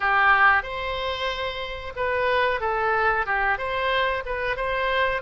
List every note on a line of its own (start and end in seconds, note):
0.00 0.62 G4
0.62 1.93 C5
1.96 2.60 B4
2.60 3.25 A4
3.25 3.58 G4
3.58 4.23 C5
4.25 4.56 B4
4.56 5.21 C5